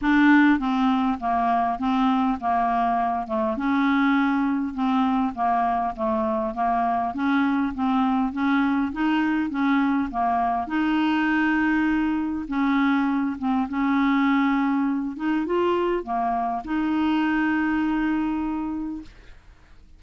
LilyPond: \new Staff \with { instrumentName = "clarinet" } { \time 4/4 \tempo 4 = 101 d'4 c'4 ais4 c'4 | ais4. a8 cis'2 | c'4 ais4 a4 ais4 | cis'4 c'4 cis'4 dis'4 |
cis'4 ais4 dis'2~ | dis'4 cis'4. c'8 cis'4~ | cis'4. dis'8 f'4 ais4 | dis'1 | }